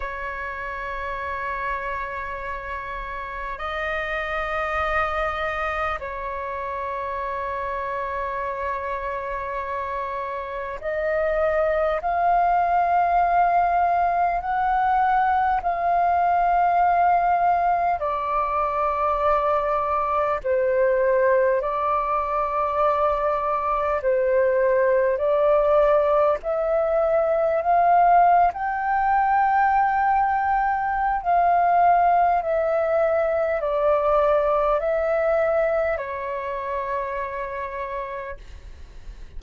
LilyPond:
\new Staff \with { instrumentName = "flute" } { \time 4/4 \tempo 4 = 50 cis''2. dis''4~ | dis''4 cis''2.~ | cis''4 dis''4 f''2 | fis''4 f''2 d''4~ |
d''4 c''4 d''2 | c''4 d''4 e''4 f''8. g''16~ | g''2 f''4 e''4 | d''4 e''4 cis''2 | }